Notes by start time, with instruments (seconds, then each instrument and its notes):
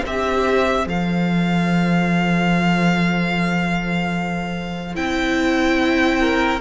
0.00 cello C4, violin C5 E5
0.06 viola G4
0.85 cello F3, viola A4, violin F5
4.95 cello C4, viola E4, violin G5
6.20 violin A#4